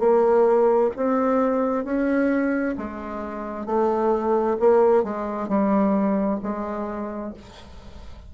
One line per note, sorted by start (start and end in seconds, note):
0.00 0.91 A#3
0.97 1.85 C4
1.85 2.76 C#4
2.78 3.66 G#3
3.66 4.57 A3
4.60 5.04 A#3
5.04 5.49 G#3
5.49 6.40 G3
6.43 7.34 G#3